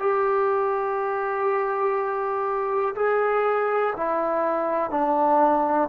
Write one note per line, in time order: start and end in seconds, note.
0.00 2.95 G4
2.96 3.94 G#4
3.97 4.91 E4
4.91 5.89 D4